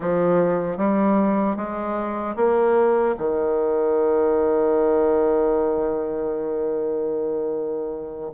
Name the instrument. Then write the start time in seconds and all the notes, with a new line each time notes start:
bassoon
0.00 F3
0.77 G3
1.56 G#3
2.36 A#3
3.18 D#3